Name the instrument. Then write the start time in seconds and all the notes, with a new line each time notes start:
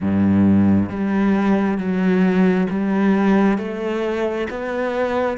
cello
0.00 G2
0.90 G3
1.77 F#3
2.69 G3
3.58 A3
4.49 B3